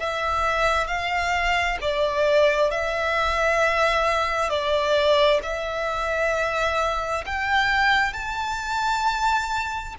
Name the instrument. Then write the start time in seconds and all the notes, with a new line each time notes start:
violin
0.00 E5
0.87 F5
1.81 D5
2.71 E5
4.50 D5
5.43 E5
7.26 G5
8.14 A5